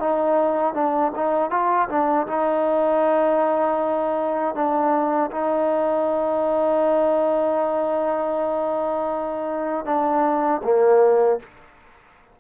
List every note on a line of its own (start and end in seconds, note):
0.00 0.74 D#4
0.74 1.12 D4
1.16 1.51 D#4
1.51 1.89 F4
1.90 2.28 D4
2.28 4.55 D#4
4.55 5.31 D4
5.32 9.86 D#4
9.86 10.62 D4
10.64 11.40 A#3